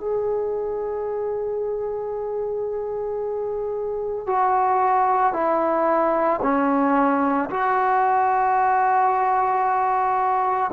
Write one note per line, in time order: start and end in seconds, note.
0.00 4.27 G#4
4.27 5.33 F#4
5.33 6.40 E4
6.42 7.50 C#4
7.50 10.71 F#4